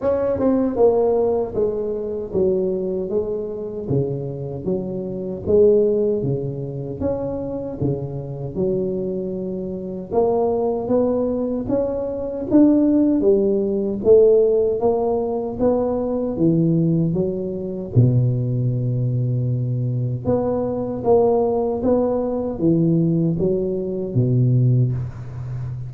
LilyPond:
\new Staff \with { instrumentName = "tuba" } { \time 4/4 \tempo 4 = 77 cis'8 c'8 ais4 gis4 fis4 | gis4 cis4 fis4 gis4 | cis4 cis'4 cis4 fis4~ | fis4 ais4 b4 cis'4 |
d'4 g4 a4 ais4 | b4 e4 fis4 b,4~ | b,2 b4 ais4 | b4 e4 fis4 b,4 | }